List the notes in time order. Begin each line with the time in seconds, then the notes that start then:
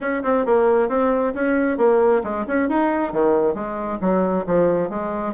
0.00 C#4
0.23 C4
0.45 A#3
0.88 C4
1.34 C#4
1.77 A#3
2.23 G#3
2.47 C#4
2.68 D#4
3.12 D#3
3.54 G#3
4.00 F#3
4.46 F3
4.89 G#3